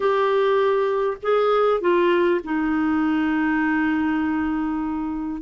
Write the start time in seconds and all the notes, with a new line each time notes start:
0.00 G4
1.22 G#4
1.80 F4
2.44 D#4